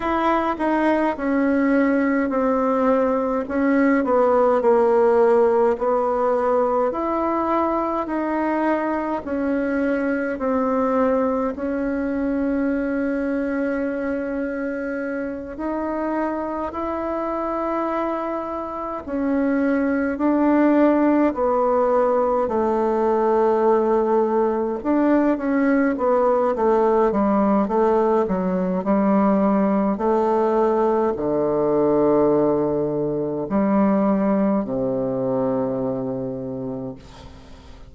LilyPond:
\new Staff \with { instrumentName = "bassoon" } { \time 4/4 \tempo 4 = 52 e'8 dis'8 cis'4 c'4 cis'8 b8 | ais4 b4 e'4 dis'4 | cis'4 c'4 cis'2~ | cis'4. dis'4 e'4.~ |
e'8 cis'4 d'4 b4 a8~ | a4. d'8 cis'8 b8 a8 g8 | a8 fis8 g4 a4 d4~ | d4 g4 c2 | }